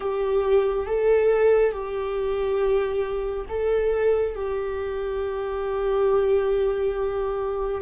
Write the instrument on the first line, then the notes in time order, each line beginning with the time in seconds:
viola
0.00 G4
0.86 A4
1.72 G4
3.48 A4
4.35 G4